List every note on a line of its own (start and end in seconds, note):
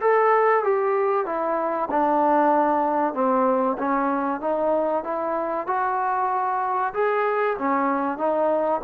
0.00 0.63 A4
0.63 1.25 G4
1.25 1.88 E4
1.90 3.13 D4
3.13 3.77 C4
3.78 4.40 C#4
4.40 5.03 D#4
5.03 5.66 E4
5.67 6.93 F#4
6.94 7.57 G#4
7.58 8.17 C#4
8.17 8.80 D#4